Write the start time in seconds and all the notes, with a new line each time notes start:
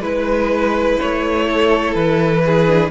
0.00 G#3 E4 B4
1.00 A3 C#5
1.46 A4
1.94 E3 B4
2.46 G#4
2.68 D4